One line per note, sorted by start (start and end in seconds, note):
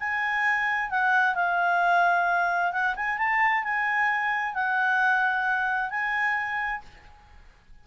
0.00 0.91 G#5
0.91 1.36 F#5
1.36 2.72 F5
2.72 2.95 F#5
2.96 3.18 G#5
3.18 3.64 A5
3.64 4.54 G#5
4.54 5.91 F#5
5.91 6.82 G#5